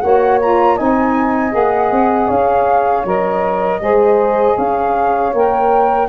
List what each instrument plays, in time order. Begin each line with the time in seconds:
0.00 tuba A#3, saxophone F#4, horn C#5, flute F#5
0.41 saxophone F4, flute A#5
0.76 tuba C4, saxophone D#4, horn D#5, flute G#5
1.51 tuba A#3, saxophone G#4, flute F#5
1.91 tuba C4
2.27 tuba C#4, horn C#5, flute F5
3.05 tuba F#3, saxophone A#4, flute D#5
3.80 tuba G#3, saxophone G#4, horn C5
4.57 tuba C#4, horn C#5, flute F5
5.33 tuba A#3, saxophone A#4, flute G5